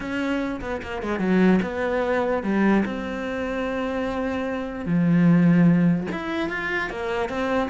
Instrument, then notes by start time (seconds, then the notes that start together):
cello
0.00 C#4
0.61 B3
0.82 A#3
1.02 G#3
1.19 F#3
1.62 B3
2.43 G3
2.85 C4
4.85 F3
6.11 E4
6.49 F4
6.90 A#3
7.29 C4